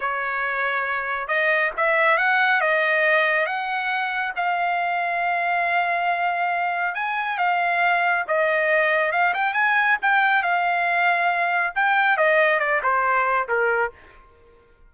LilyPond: \new Staff \with { instrumentName = "trumpet" } { \time 4/4 \tempo 4 = 138 cis''2. dis''4 | e''4 fis''4 dis''2 | fis''2 f''2~ | f''1 |
gis''4 f''2 dis''4~ | dis''4 f''8 g''8 gis''4 g''4 | f''2. g''4 | dis''4 d''8 c''4. ais'4 | }